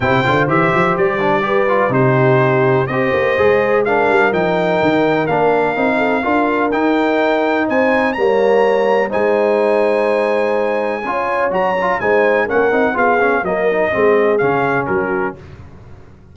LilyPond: <<
  \new Staff \with { instrumentName = "trumpet" } { \time 4/4 \tempo 4 = 125 g''4 e''4 d''2 | c''2 dis''2 | f''4 g''2 f''4~ | f''2 g''2 |
gis''4 ais''2 gis''4~ | gis''1 | ais''4 gis''4 fis''4 f''4 | dis''2 f''4 ais'4 | }
  \new Staff \with { instrumentName = "horn" } { \time 4/4 c''2. b'4 | g'2 c''2 | ais'1~ | ais'8 a'8 ais'2. |
c''4 cis''2 c''4~ | c''2. cis''4~ | cis''4 c''4 ais'4 gis'4 | ais'4 gis'2 fis'4 | }
  \new Staff \with { instrumentName = "trombone" } { \time 4/4 e'8 f'8 g'4. d'8 g'8 f'8 | dis'2 g'4 gis'4 | d'4 dis'2 d'4 | dis'4 f'4 dis'2~ |
dis'4 ais2 dis'4~ | dis'2. f'4 | fis'8 f'8 dis'4 cis'8 dis'8 f'8 cis'8 | ais8 dis'8 c'4 cis'2 | }
  \new Staff \with { instrumentName = "tuba" } { \time 4/4 c8 d8 e8 f8 g2 | c2 c'8 ais8 gis4~ | gis8 g8 f4 dis4 ais4 | c'4 d'4 dis'2 |
c'4 g2 gis4~ | gis2. cis'4 | fis4 gis4 ais8 c'8 b4 | fis4 gis4 cis4 fis4 | }
>>